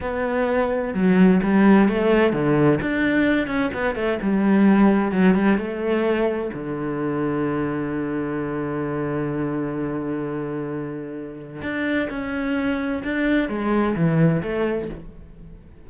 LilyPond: \new Staff \with { instrumentName = "cello" } { \time 4/4 \tempo 4 = 129 b2 fis4 g4 | a4 d4 d'4. cis'8 | b8 a8 g2 fis8 g8 | a2 d2~ |
d1~ | d1~ | d4 d'4 cis'2 | d'4 gis4 e4 a4 | }